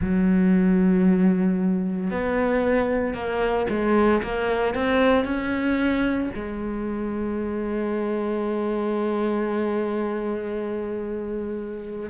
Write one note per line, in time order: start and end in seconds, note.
0.00 2.11 F#3
2.11 3.13 B3
3.13 3.66 A#3
3.69 4.22 G#3
4.22 4.74 A#3
4.74 5.24 C4
5.24 6.30 C#4
6.34 12.09 G#3